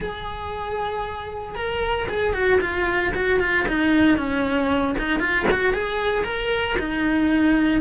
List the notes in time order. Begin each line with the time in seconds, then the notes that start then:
0.00 G#4
1.55 A#4
2.08 G#4
2.33 F#4
2.60 F4
3.14 F#4
3.39 F4
3.68 D#4
4.17 C#4
4.98 D#4
5.19 F4
5.51 F#4
5.73 G#4
6.24 A#4
6.78 D#4